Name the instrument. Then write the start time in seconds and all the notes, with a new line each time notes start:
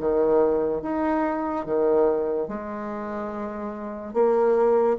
bassoon
0.00 D#3
0.82 D#4
1.65 D#3
2.48 G#3
4.13 A#3